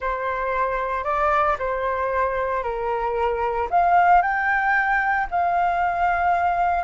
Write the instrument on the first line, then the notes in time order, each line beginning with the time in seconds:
flute
0.00 C5
1.04 D5
1.59 C5
2.63 A#4
3.70 F5
4.22 G5
5.30 F5